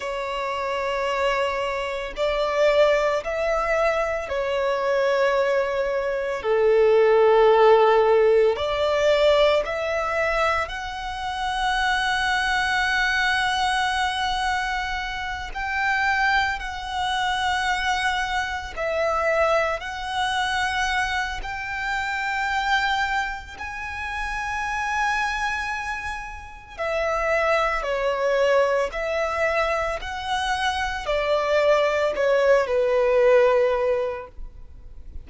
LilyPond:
\new Staff \with { instrumentName = "violin" } { \time 4/4 \tempo 4 = 56 cis''2 d''4 e''4 | cis''2 a'2 | d''4 e''4 fis''2~ | fis''2~ fis''8 g''4 fis''8~ |
fis''4. e''4 fis''4. | g''2 gis''2~ | gis''4 e''4 cis''4 e''4 | fis''4 d''4 cis''8 b'4. | }